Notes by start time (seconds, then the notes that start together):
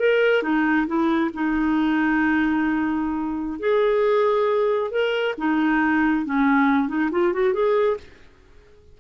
0.00 A#4
0.43 D#4
0.87 E4
1.34 D#4
3.60 G#4
4.91 A#4
5.38 D#4
6.26 C#4
6.89 D#4
7.12 F4
7.34 F#4
7.54 G#4